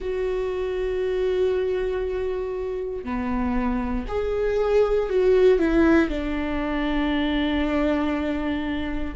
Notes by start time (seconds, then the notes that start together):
0.00 F#4
3.04 B3
4.07 G#4
5.09 F#4
5.58 E4
6.09 D4